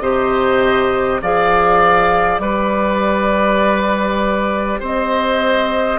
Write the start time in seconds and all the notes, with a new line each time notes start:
0.00 C3 G4 C5 D#5
1.22 F3 G#4 D5 F5
2.39 G3 G4 B4 D5
4.80 C4 C5 D#5